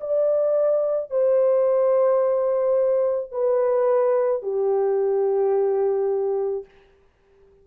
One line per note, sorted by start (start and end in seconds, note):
0.00 1.10 D5
1.10 3.31 C5
3.31 4.42 B4
4.42 6.65 G4